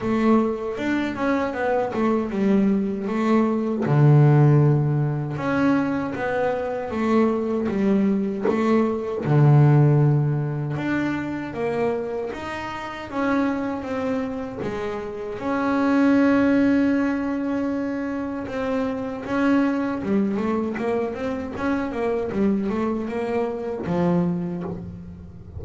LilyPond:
\new Staff \with { instrumentName = "double bass" } { \time 4/4 \tempo 4 = 78 a4 d'8 cis'8 b8 a8 g4 | a4 d2 cis'4 | b4 a4 g4 a4 | d2 d'4 ais4 |
dis'4 cis'4 c'4 gis4 | cis'1 | c'4 cis'4 g8 a8 ais8 c'8 | cis'8 ais8 g8 a8 ais4 f4 | }